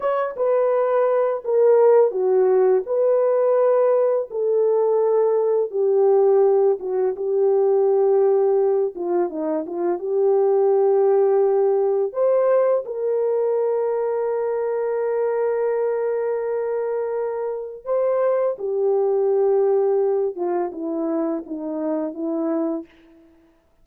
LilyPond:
\new Staff \with { instrumentName = "horn" } { \time 4/4 \tempo 4 = 84 cis''8 b'4. ais'4 fis'4 | b'2 a'2 | g'4. fis'8 g'2~ | g'8 f'8 dis'8 f'8 g'2~ |
g'4 c''4 ais'2~ | ais'1~ | ais'4 c''4 g'2~ | g'8 f'8 e'4 dis'4 e'4 | }